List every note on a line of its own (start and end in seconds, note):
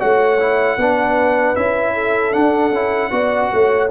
0.00 0.78 A3
0.00 0.39 F#4
0.00 0.78 C#5
0.00 1.56 F#5
0.40 0.79 E4
0.78 1.56 B3
0.78 1.56 D4
0.78 1.94 B4
1.56 2.35 C#4
1.56 2.33 E4
1.56 2.33 E5
1.94 3.11 A4
2.33 2.72 D4
2.33 3.89 F#5
2.72 3.11 C#4
2.72 3.11 E4
3.11 3.51 B3
3.11 3.89 F#4
3.11 3.52 D5
3.53 3.91 A3
3.53 3.91 C#5